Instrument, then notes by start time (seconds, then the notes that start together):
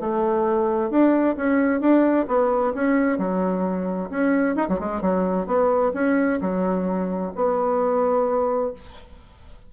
bassoon
0.00 A3
0.90 D4
1.37 C#4
1.80 D4
2.28 B3
2.74 C#4
3.18 F#3
4.10 C#4
4.56 D#4
4.69 F#3
4.79 G#3
5.01 F#3
5.46 B3
5.94 C#4
6.41 F#3
7.36 B3